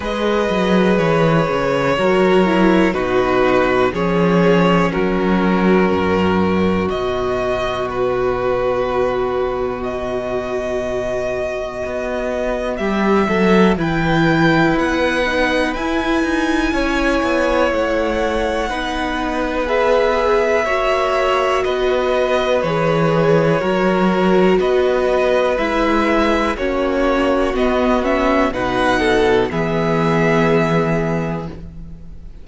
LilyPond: <<
  \new Staff \with { instrumentName = "violin" } { \time 4/4 \tempo 4 = 61 dis''4 cis''2 b'4 | cis''4 ais'2 dis''4 | b'2 dis''2~ | dis''4 e''4 g''4 fis''4 |
gis''2 fis''2 | e''2 dis''4 cis''4~ | cis''4 dis''4 e''4 cis''4 | dis''8 e''8 fis''4 e''2 | }
  \new Staff \with { instrumentName = "violin" } { \time 4/4 b'2 ais'4 fis'4 | gis'4 fis'2.~ | fis'1~ | fis'4 g'8 a'8 b'2~ |
b'4 cis''2 b'4~ | b'4 cis''4 b'2 | ais'4 b'2 fis'4~ | fis'4 b'8 a'8 gis'2 | }
  \new Staff \with { instrumentName = "viola" } { \time 4/4 gis'2 fis'8 e'8 dis'4 | cis'2. b4~ | b1~ | b2 e'4. dis'8 |
e'2. dis'4 | gis'4 fis'2 gis'4 | fis'2 e'4 cis'4 | b8 cis'8 dis'4 b2 | }
  \new Staff \with { instrumentName = "cello" } { \time 4/4 gis8 fis8 e8 cis8 fis4 b,4 | f4 fis4 fis,4 b,4~ | b,1 | b4 g8 fis8 e4 b4 |
e'8 dis'8 cis'8 b8 a4 b4~ | b4 ais4 b4 e4 | fis4 b4 gis4 ais4 | b4 b,4 e2 | }
>>